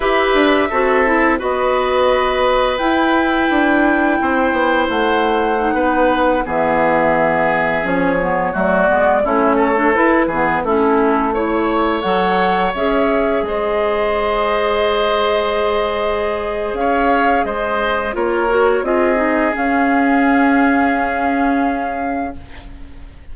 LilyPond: <<
  \new Staff \with { instrumentName = "flute" } { \time 4/4 \tempo 4 = 86 e''2 dis''2 | g''2. fis''4~ | fis''4~ fis''16 e''2 cis''8.~ | cis''16 d''4 cis''4 b'4 a'8.~ |
a'16 cis''4 fis''4 e''4 dis''8.~ | dis''1 | f''4 dis''4 cis''4 dis''4 | f''1 | }
  \new Staff \with { instrumentName = "oboe" } { \time 4/4 b'4 a'4 b'2~ | b'2 c''2~ | c''16 b'4 gis'2~ gis'8.~ | gis'16 fis'4 e'8 a'4 gis'8 e'8.~ |
e'16 cis''2. c''8.~ | c''1 | cis''4 c''4 ais'4 gis'4~ | gis'1 | }
  \new Staff \with { instrumentName = "clarinet" } { \time 4/4 g'4 fis'8 e'8 fis'2 | e'1 | dis'4~ dis'16 b2 cis'8 b16~ | b16 a8 b8 cis'8. d'16 e'8 b8 cis'8.~ |
cis'16 e'4 a'4 gis'4.~ gis'16~ | gis'1~ | gis'2 f'8 fis'8 f'8 dis'8 | cis'1 | }
  \new Staff \with { instrumentName = "bassoon" } { \time 4/4 e'8 d'8 c'4 b2 | e'4 d'4 c'8 b8 a4~ | a16 b4 e2 f8.~ | f16 fis8 gis8 a4 e'8 e8 a8.~ |
a4~ a16 fis4 cis'4 gis8.~ | gis1 | cis'4 gis4 ais4 c'4 | cis'1 | }
>>